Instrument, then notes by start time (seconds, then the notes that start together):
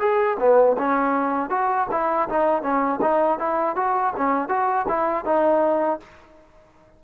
trombone
0.00 G#4
0.40 B3
0.78 C#4
1.50 F#4
1.91 E4
2.29 D#4
2.62 C#4
3.02 D#4
3.39 E4
3.76 F#4
4.17 C#4
4.49 F#4
4.89 E4
5.25 D#4